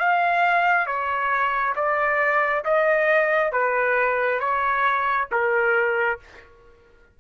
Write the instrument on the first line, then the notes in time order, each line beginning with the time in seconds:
trumpet
0.00 F5
0.87 C#5
1.76 D5
2.65 D#5
3.53 B4
4.40 C#5
5.32 A#4